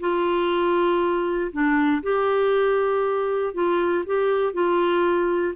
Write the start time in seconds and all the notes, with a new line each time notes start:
0.00 F4
1.52 D4
2.03 G4
3.54 F4
4.06 G4
4.53 F4